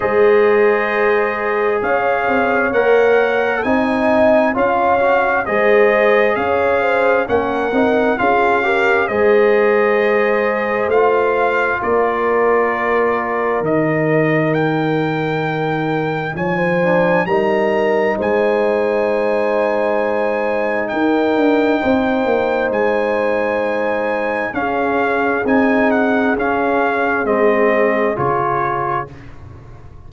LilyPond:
<<
  \new Staff \with { instrumentName = "trumpet" } { \time 4/4 \tempo 4 = 66 dis''2 f''4 fis''4 | gis''4 f''4 dis''4 f''4 | fis''4 f''4 dis''2 | f''4 d''2 dis''4 |
g''2 gis''4 ais''4 | gis''2. g''4~ | g''4 gis''2 f''4 | gis''8 fis''8 f''4 dis''4 cis''4 | }
  \new Staff \with { instrumentName = "horn" } { \time 4/4 c''2 cis''2 | dis''4 cis''4 c''4 cis''8 c''8 | ais'4 gis'8 ais'8 c''2~ | c''4 ais'2.~ |
ais'2 cis''16 c''8. ais'4 | c''2. ais'4 | c''2. gis'4~ | gis'1 | }
  \new Staff \with { instrumentName = "trombone" } { \time 4/4 gis'2. ais'4 | dis'4 f'8 fis'8 gis'2 | cis'8 dis'8 f'8 g'8 gis'2 | f'2. dis'4~ |
dis'2~ dis'8 d'8 dis'4~ | dis'1~ | dis'2. cis'4 | dis'4 cis'4 c'4 f'4 | }
  \new Staff \with { instrumentName = "tuba" } { \time 4/4 gis2 cis'8 c'8 ais4 | c'4 cis'4 gis4 cis'4 | ais8 c'8 cis'4 gis2 | a4 ais2 dis4~ |
dis2 f4 g4 | gis2. dis'8 d'8 | c'8 ais8 gis2 cis'4 | c'4 cis'4 gis4 cis4 | }
>>